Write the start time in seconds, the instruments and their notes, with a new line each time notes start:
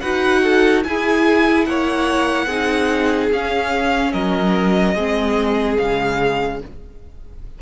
0.00 cello D#4, viola F#4, violin B4 F#5
0.43 violin A4
0.83 viola E4, cello E4, violin G#4 G#5
1.65 cello A#3, violin C#5 F#5
2.45 cello C4, viola D#4, violin G#4
3.32 viola C#4, cello C#4, violin F5
4.12 cello F#3, violin A#4 D#5
4.94 cello G#3, viola C4, violin G#4
5.77 cello C#3, viola G#3, violin F5